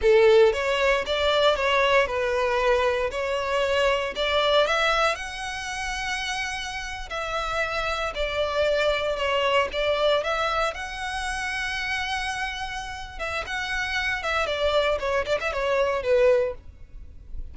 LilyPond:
\new Staff \with { instrumentName = "violin" } { \time 4/4 \tempo 4 = 116 a'4 cis''4 d''4 cis''4 | b'2 cis''2 | d''4 e''4 fis''2~ | fis''4.~ fis''16 e''2 d''16~ |
d''4.~ d''16 cis''4 d''4 e''16~ | e''8. fis''2.~ fis''16~ | fis''4. e''8 fis''4. e''8 | d''4 cis''8 d''16 e''16 cis''4 b'4 | }